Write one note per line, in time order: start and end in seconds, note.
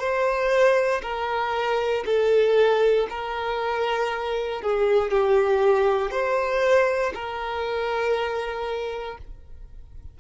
0.00 1.02 C5
1.03 2.04 A#4
2.06 3.08 A4
3.10 4.62 A#4
4.62 5.11 G#4
5.11 6.11 G4
6.11 7.13 C5
7.15 9.18 A#4